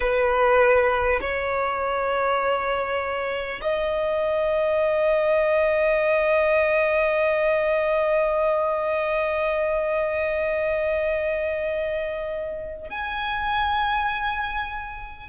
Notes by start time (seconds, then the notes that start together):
0.00 B4
1.20 C#5
3.61 D#5
12.89 G#5